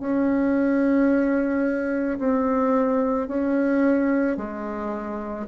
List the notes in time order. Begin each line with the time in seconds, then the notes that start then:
0.00 C#4
2.19 C4
3.28 C#4
4.37 G#3